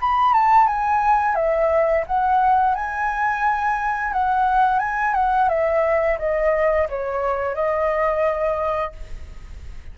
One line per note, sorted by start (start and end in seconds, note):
0.00 0.33 B5
0.33 0.66 A5
0.66 1.35 G#5
1.35 2.04 E5
2.07 2.75 F#5
2.75 4.12 G#5
4.12 4.79 F#5
4.79 5.13 G#5
5.14 5.48 F#5
5.49 6.18 E5
6.18 6.87 D#5
6.89 7.54 C#5
7.54 8.92 D#5